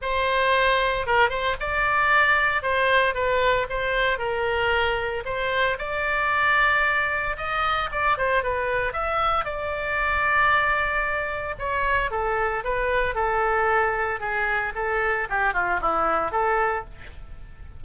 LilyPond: \new Staff \with { instrumentName = "oboe" } { \time 4/4 \tempo 4 = 114 c''2 ais'8 c''8 d''4~ | d''4 c''4 b'4 c''4 | ais'2 c''4 d''4~ | d''2 dis''4 d''8 c''8 |
b'4 e''4 d''2~ | d''2 cis''4 a'4 | b'4 a'2 gis'4 | a'4 g'8 f'8 e'4 a'4 | }